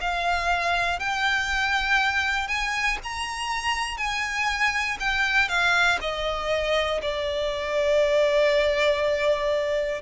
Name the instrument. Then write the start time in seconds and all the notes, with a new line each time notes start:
violin
0.00 F5
0.99 G5
2.48 G#5
3.03 A#5
3.97 G#5
5.00 G5
5.48 F5
6.00 D#5
7.01 D5